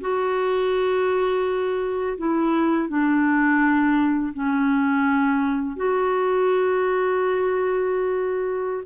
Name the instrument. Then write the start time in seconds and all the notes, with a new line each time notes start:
clarinet
0.00 F#4
2.17 E4
2.88 D4
4.33 C#4
5.76 F#4